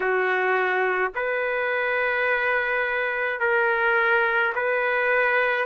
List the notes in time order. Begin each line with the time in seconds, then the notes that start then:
0.00 F#4
1.15 B4
3.40 A#4
4.55 B4